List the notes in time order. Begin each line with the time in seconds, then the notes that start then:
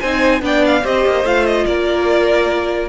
0.00 C4 D#4 C5 G#5
0.41 B3 D4 D5 G5
0.66 F5
0.83 C4 G4 C5 D#5
1.06 A#3
1.24 A3 F4 F5
1.46 D#5
1.66 A#3 A#4 D5